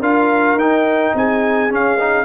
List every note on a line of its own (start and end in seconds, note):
0.00 0.54 D4
0.00 0.58 F4
0.00 1.14 A#4
0.00 0.58 F5
0.54 1.11 D#4
0.54 1.69 D#4
0.54 1.15 G5
1.14 1.70 C4
1.14 2.25 G#4
1.14 1.73 G#5
1.69 1.98 C#4
1.69 2.25 C#4
1.69 2.25 F5
1.99 2.25 D#4